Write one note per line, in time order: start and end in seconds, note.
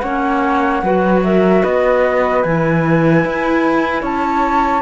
0.00 0.83 A#3
0.00 0.84 C#4
0.00 0.83 C#5
0.00 1.20 F#5
0.83 1.63 F#3
0.83 2.46 F#4
0.83 1.24 B4
1.24 1.62 A#4
1.24 1.64 E5
1.62 2.45 B3
1.62 4.02 B4
1.62 2.43 D#5
2.43 3.25 E3
2.43 4.82 E4
2.43 4.03 G#5
3.25 4.03 E4
4.02 4.82 C#4
4.02 4.82 C#5
4.02 4.82 A5